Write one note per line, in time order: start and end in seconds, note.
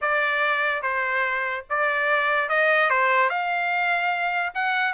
0.01 0.82 D5
0.82 1.64 C5
1.69 2.49 D5
2.49 2.90 D#5
2.90 3.29 C5
3.29 4.53 F5
4.54 4.93 F#5